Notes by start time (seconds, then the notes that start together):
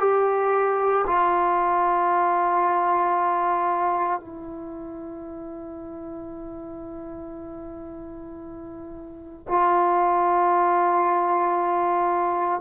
0.00 G4
1.07 F4
4.20 E4
9.48 F4